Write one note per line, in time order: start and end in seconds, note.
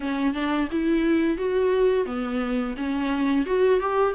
0.00 0.34 C#4
0.34 0.68 D4
0.71 1.37 E4
1.37 2.05 F#4
2.05 2.74 B3
2.76 3.45 C#4
3.45 3.80 F#4
3.80 4.14 G4